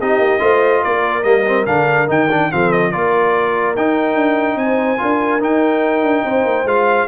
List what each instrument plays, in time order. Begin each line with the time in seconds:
0.00 tuba C4, trombone D#4, horn G4, trumpet D#5
0.18 tuba A#3
0.39 tuba A3, trombone F4, horn C5
0.83 tuba A#3, horn A#4, trumpet D5
1.23 tuba G3, trombone A#3, trumpet D#5
1.46 trombone C4
1.66 tuba D3, trombone D4, trumpet F5
2.07 tuba D#3, trombone D#4, trumpet G5
2.30 trombone D4
2.51 tuba F3, trombone C4, horn A4, trumpet F5
2.72 trumpet D#5
2.91 tuba A#3, trombone F4, horn A#4, trumpet D5
3.76 tuba D#4, trombone D#4, trumpet G5
4.14 tuba D4
4.56 tuba C4, horn C5, trumpet G#5
4.97 tuba D4, trombone F4, horn A#4
5.40 tuba D#4, trombone D#4, trumpet G5
6.02 tuba D4
6.24 tuba C4, horn C5
6.44 tuba A#3
6.64 tuba G#3, trombone F4, trumpet F5